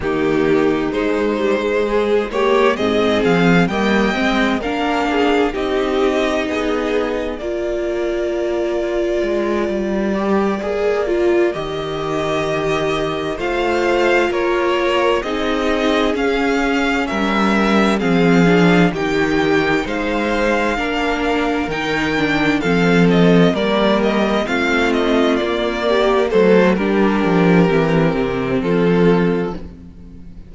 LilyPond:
<<
  \new Staff \with { instrumentName = "violin" } { \time 4/4 \tempo 4 = 65 g'4 c''4. cis''8 dis''8 f''8 | g''4 f''4 dis''2 | d''1~ | d''8 dis''2 f''4 cis''8~ |
cis''8 dis''4 f''4 e''4 f''8~ | f''8 g''4 f''2 g''8~ | g''8 f''8 dis''8 d''8 dis''8 f''8 dis''8 d''8~ | d''8 c''8 ais'2 a'4 | }
  \new Staff \with { instrumentName = "violin" } { \time 4/4 dis'2 gis'8 g'8 gis'4 | dis''4 ais'8 gis'8 g'4 gis'4 | ais'1~ | ais'2~ ais'8 c''4 ais'8~ |
ais'8 gis'2 ais'4 gis'8~ | gis'8 g'4 c''4 ais'4.~ | ais'8 a'4 ais'4 f'4. | g'8 a'8 g'2 f'4 | }
  \new Staff \with { instrumentName = "viola" } { \time 4/4 ais4 gis8 g16 gis8. ais8 c'4 | ais8 c'8 d'4 dis'2 | f'2. g'8 gis'8 | f'8 g'2 f'4.~ |
f'8 dis'4 cis'2 c'8 | d'8 dis'2 d'4 dis'8 | d'8 c'4 ais4 c'4 ais8~ | ais8 a8 d'4 c'2 | }
  \new Staff \with { instrumentName = "cello" } { \time 4/4 dis4 gis2 gis,8 f8 | g8 gis8 ais4 c'4 b4 | ais2 gis8 g4 ais8~ | ais8 dis2 a4 ais8~ |
ais8 c'4 cis'4 g4 f8~ | f8 dis4 gis4 ais4 dis8~ | dis8 f4 g4 a4 ais8~ | ais8 fis8 g8 f8 e8 c8 f4 | }
>>